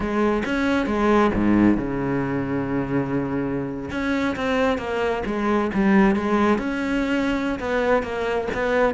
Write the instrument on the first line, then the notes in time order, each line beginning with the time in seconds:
cello
0.00 G#3
0.45 C#4
0.86 G#3
1.34 G#2
1.77 C#3
3.91 C#4
4.36 C4
4.78 A#3
5.26 G#3
5.74 G3
6.15 G#3
6.58 C#4
7.59 B3
8.03 A#3
8.54 B3